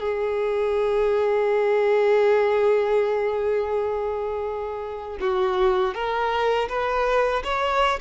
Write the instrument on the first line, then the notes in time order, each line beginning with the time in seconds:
violin
0.00 G#4
5.21 F#4
5.95 A#4
6.69 B4
7.44 C#5